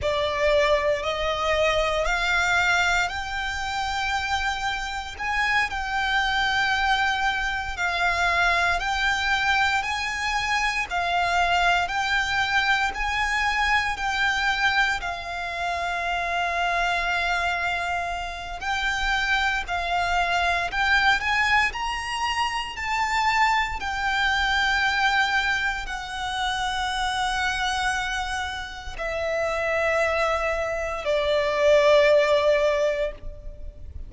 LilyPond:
\new Staff \with { instrumentName = "violin" } { \time 4/4 \tempo 4 = 58 d''4 dis''4 f''4 g''4~ | g''4 gis''8 g''2 f''8~ | f''8 g''4 gis''4 f''4 g''8~ | g''8 gis''4 g''4 f''4.~ |
f''2 g''4 f''4 | g''8 gis''8 ais''4 a''4 g''4~ | g''4 fis''2. | e''2 d''2 | }